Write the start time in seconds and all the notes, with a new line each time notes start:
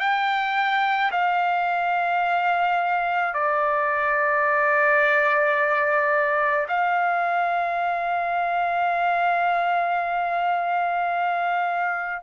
0.00 G5
1.12 F5
3.34 D5
6.69 F5